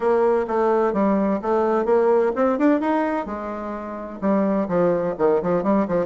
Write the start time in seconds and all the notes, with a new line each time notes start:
0.00 A#3
0.47 A3
0.93 G3
1.41 A3
1.85 A#3
2.35 C4
2.58 D4
2.80 D#4
3.26 G#3
4.21 G3
4.68 F3
5.18 D#3
5.42 F3
5.63 G3
5.88 F3